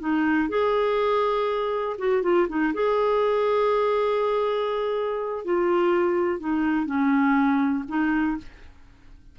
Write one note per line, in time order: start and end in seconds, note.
0.00 0.49 D#4
0.49 1.97 G#4
1.98 2.23 F#4
2.23 2.47 F4
2.49 2.73 D#4
2.74 5.45 G#4
5.45 6.40 F4
6.40 6.86 D#4
6.86 7.84 C#4
7.89 8.38 D#4